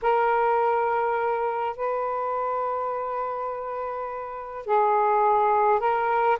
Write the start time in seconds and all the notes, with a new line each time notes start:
0.02 A#4
1.76 B4
4.66 G#4
5.79 A#4